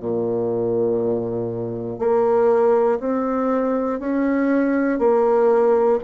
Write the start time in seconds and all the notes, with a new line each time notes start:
0.00 A#2
1.99 A#3
3.00 C4
4.00 C#4
4.99 A#3